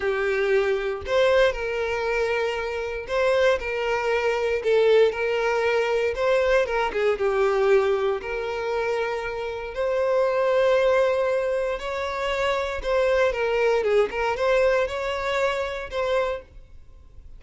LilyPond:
\new Staff \with { instrumentName = "violin" } { \time 4/4 \tempo 4 = 117 g'2 c''4 ais'4~ | ais'2 c''4 ais'4~ | ais'4 a'4 ais'2 | c''4 ais'8 gis'8 g'2 |
ais'2. c''4~ | c''2. cis''4~ | cis''4 c''4 ais'4 gis'8 ais'8 | c''4 cis''2 c''4 | }